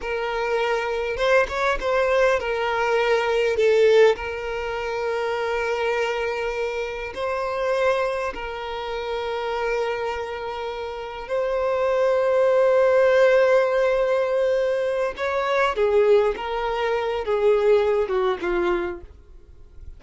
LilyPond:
\new Staff \with { instrumentName = "violin" } { \time 4/4 \tempo 4 = 101 ais'2 c''8 cis''8 c''4 | ais'2 a'4 ais'4~ | ais'1 | c''2 ais'2~ |
ais'2. c''4~ | c''1~ | c''4. cis''4 gis'4 ais'8~ | ais'4 gis'4. fis'8 f'4 | }